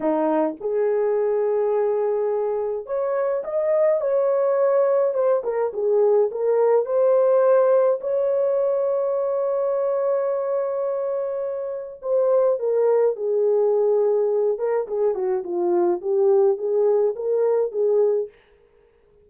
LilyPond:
\new Staff \with { instrumentName = "horn" } { \time 4/4 \tempo 4 = 105 dis'4 gis'2.~ | gis'4 cis''4 dis''4 cis''4~ | cis''4 c''8 ais'8 gis'4 ais'4 | c''2 cis''2~ |
cis''1~ | cis''4 c''4 ais'4 gis'4~ | gis'4. ais'8 gis'8 fis'8 f'4 | g'4 gis'4 ais'4 gis'4 | }